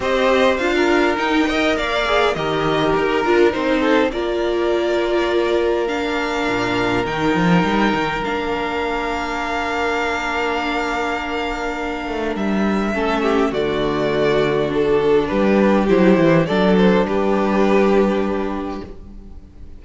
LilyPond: <<
  \new Staff \with { instrumentName = "violin" } { \time 4/4 \tempo 4 = 102 dis''4 f''4 g''4 f''4 | dis''4 ais'4 c''4 d''4~ | d''2 f''2 | g''2 f''2~ |
f''1~ | f''4 e''2 d''4~ | d''4 a'4 b'4 c''4 | d''8 c''8 b'2. | }
  \new Staff \with { instrumentName = "violin" } { \time 4/4 c''4~ c''16 ais'4~ ais'16 dis''8 d''4 | ais'2~ ais'8 a'8 ais'4~ | ais'1~ | ais'1~ |
ais'1~ | ais'2 a'8 g'8 fis'4~ | fis'2 g'2 | a'4 g'2. | }
  \new Staff \with { instrumentName = "viola" } { \time 4/4 g'4 f'4 dis'8 ais'4 gis'8 | g'4. f'8 dis'4 f'4~ | f'2 d'2 | dis'2 d'2~ |
d'1~ | d'2 cis'4 a4~ | a4 d'2 e'4 | d'1 | }
  \new Staff \with { instrumentName = "cello" } { \time 4/4 c'4 d'4 dis'4 ais4 | dis4 dis'8 d'8 c'4 ais4~ | ais2. ais,4 | dis8 f8 g8 dis8 ais2~ |
ais1~ | ais8 a8 g4 a4 d4~ | d2 g4 fis8 e8 | fis4 g2. | }
>>